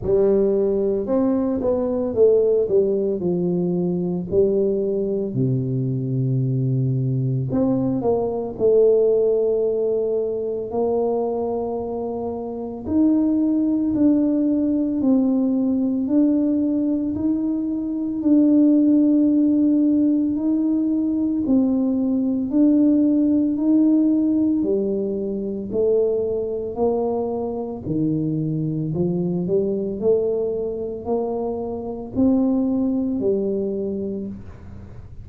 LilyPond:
\new Staff \with { instrumentName = "tuba" } { \time 4/4 \tempo 4 = 56 g4 c'8 b8 a8 g8 f4 | g4 c2 c'8 ais8 | a2 ais2 | dis'4 d'4 c'4 d'4 |
dis'4 d'2 dis'4 | c'4 d'4 dis'4 g4 | a4 ais4 dis4 f8 g8 | a4 ais4 c'4 g4 | }